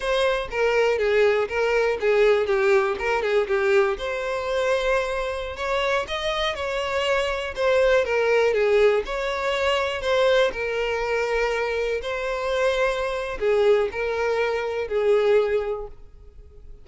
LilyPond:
\new Staff \with { instrumentName = "violin" } { \time 4/4 \tempo 4 = 121 c''4 ais'4 gis'4 ais'4 | gis'4 g'4 ais'8 gis'8 g'4 | c''2.~ c''16 cis''8.~ | cis''16 dis''4 cis''2 c''8.~ |
c''16 ais'4 gis'4 cis''4.~ cis''16~ | cis''16 c''4 ais'2~ ais'8.~ | ais'16 c''2~ c''8. gis'4 | ais'2 gis'2 | }